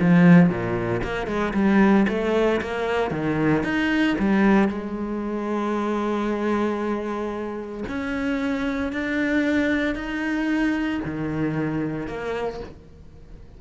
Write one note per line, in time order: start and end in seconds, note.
0.00 0.49 F3
0.49 1.01 A#2
1.03 1.26 A#3
1.26 1.53 G#3
1.53 2.06 G3
2.08 2.61 A3
2.61 3.11 A#3
3.11 3.63 D#3
3.63 4.16 D#4
4.18 4.68 G3
4.68 7.84 G#3
7.88 8.92 C#4
8.92 9.95 D4
9.95 11.00 D#4
11.05 12.07 D#3
12.07 12.60 A#3